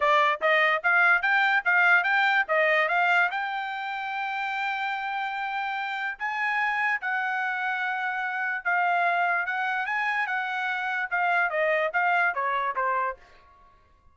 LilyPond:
\new Staff \with { instrumentName = "trumpet" } { \time 4/4 \tempo 4 = 146 d''4 dis''4 f''4 g''4 | f''4 g''4 dis''4 f''4 | g''1~ | g''2. gis''4~ |
gis''4 fis''2.~ | fis''4 f''2 fis''4 | gis''4 fis''2 f''4 | dis''4 f''4 cis''4 c''4 | }